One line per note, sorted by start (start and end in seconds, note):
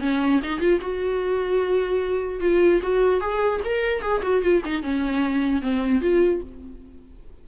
0.00 0.40 C#4
0.43 0.59 D#4
0.59 0.79 F4
0.80 2.40 F#4
2.40 2.80 F4
2.82 3.20 F#4
3.20 3.60 G#4
3.64 4.01 A#4
4.01 4.22 G#4
4.22 4.42 F#4
4.42 4.62 F4
4.65 4.82 D#4
4.82 5.61 C#4
5.61 6.01 C4
6.01 6.41 F4